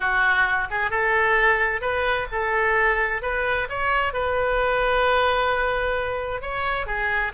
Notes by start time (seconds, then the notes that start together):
0.00 F#4
0.70 G#4
0.90 A4
1.81 B4
2.31 A4
3.22 B4
3.69 C#5
4.13 B4
6.41 C#5
6.86 G#4